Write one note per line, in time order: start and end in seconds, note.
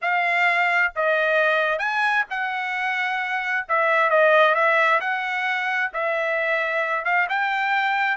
0.01 0.92 F5
0.95 1.79 D#5
1.79 2.24 G#5
2.30 3.66 F#5
3.68 4.10 E5
4.10 4.54 D#5
4.54 5.00 E5
5.00 5.91 F#5
5.93 7.04 E5
7.04 7.27 F5
7.29 8.17 G5